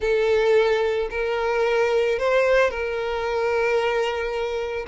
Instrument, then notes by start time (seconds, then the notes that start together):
violin
0.00 A4
1.10 A#4
2.18 C5
2.70 A#4